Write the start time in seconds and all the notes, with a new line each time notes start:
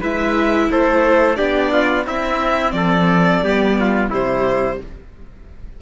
0.00 G#3 E4 B4 E5
0.70 A3 A4 C5
1.36 B3 D4 G4 D5
1.72 F4
2.06 C4 E4 E5
2.72 F3 A4 D5
3.43 G3 B3 G4
3.80 F4
4.08 C3 G3 E4 C5